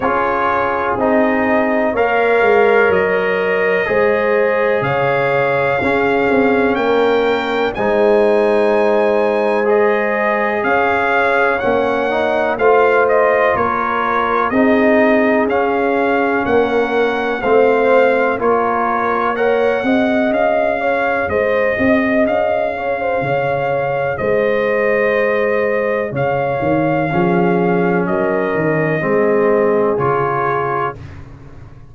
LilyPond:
<<
  \new Staff \with { instrumentName = "trumpet" } { \time 4/4 \tempo 4 = 62 cis''4 dis''4 f''4 dis''4~ | dis''4 f''2 g''4 | gis''2 dis''4 f''4 | fis''4 f''8 dis''8 cis''4 dis''4 |
f''4 fis''4 f''4 cis''4 | fis''4 f''4 dis''4 f''4~ | f''4 dis''2 f''4~ | f''4 dis''2 cis''4 | }
  \new Staff \with { instrumentName = "horn" } { \time 4/4 gis'2 cis''2 | c''4 cis''4 gis'4 ais'4 | c''2. cis''4~ | cis''4 c''4 ais'4 gis'4~ |
gis'4 ais'4 c''4 ais'4 | cis''8 dis''4 cis''8 c''8 dis''4 cis''16 c''16 | cis''4 c''2 cis''4 | gis'4 ais'4 gis'2 | }
  \new Staff \with { instrumentName = "trombone" } { \time 4/4 f'4 dis'4 ais'2 | gis'2 cis'2 | dis'2 gis'2 | cis'8 dis'8 f'2 dis'4 |
cis'2 c'4 f'4 | ais'8 gis'2.~ gis'8~ | gis'1 | cis'2 c'4 f'4 | }
  \new Staff \with { instrumentName = "tuba" } { \time 4/4 cis'4 c'4 ais8 gis8 fis4 | gis4 cis4 cis'8 c'8 ais4 | gis2. cis'4 | ais4 a4 ais4 c'4 |
cis'4 ais4 a4 ais4~ | ais8 c'8 cis'4 gis8 c'8 cis'4 | cis4 gis2 cis8 dis8 | f4 fis8 dis8 gis4 cis4 | }
>>